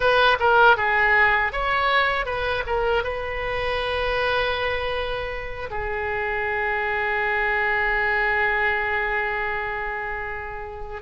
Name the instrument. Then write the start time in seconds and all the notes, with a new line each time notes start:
oboe
0.00 B4
0.39 A#4
0.77 G#4
1.52 C#5
2.25 B4
2.66 A#4
3.03 B4
5.70 G#4